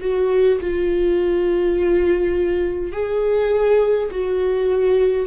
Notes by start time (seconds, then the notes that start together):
0.00 F#4
0.60 F4
2.92 G#4
4.11 F#4